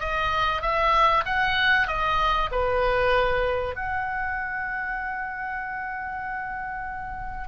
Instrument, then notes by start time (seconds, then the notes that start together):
oboe
0.00 D#5
0.62 E5
1.26 F#5
1.88 D#5
2.52 B4
3.76 F#5